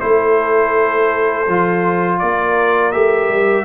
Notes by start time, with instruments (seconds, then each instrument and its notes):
0.00 tuba A3, trombone E4, horn A4, trumpet C5
1.48 tuba F3, trombone F4
2.19 tuba A#3, horn A#4, trumpet D5
2.92 tuba A3, trombone G4, trumpet E5
3.29 tuba G3